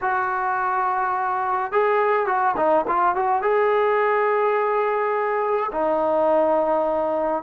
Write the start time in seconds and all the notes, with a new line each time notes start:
0.01 F#4
1.72 G#4
2.26 F#4
2.56 D#4
2.87 F4
3.15 F#4
3.42 G#4
5.72 D#4